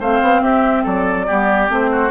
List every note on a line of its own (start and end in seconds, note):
0.00 0.21 A3
0.00 1.28 C4
0.00 0.42 C5
0.00 0.43 F5
0.22 0.41 B3
0.41 0.84 C4
0.41 0.84 G4
0.41 0.86 E5
0.84 1.28 F#3
0.84 1.26 A4
0.84 1.71 D5
1.27 1.69 G3
1.27 1.68 B3
1.27 1.91 G4
1.68 2.11 A3
1.68 2.10 C4
1.68 2.11 C5
1.91 2.11 F#4